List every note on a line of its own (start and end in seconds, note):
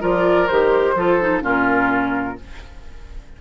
0.00 0.49 F3
0.00 0.47 F4
0.00 0.95 A#4
0.00 0.47 D5
0.47 0.95 D#3
0.47 0.96 G4
0.47 1.42 C5
0.95 1.42 F3
0.95 1.20 F4
0.95 1.43 A4
1.21 1.41 D#4
1.41 2.37 A#2
1.41 2.36 C#4
1.41 2.38 F4
1.41 2.41 A#4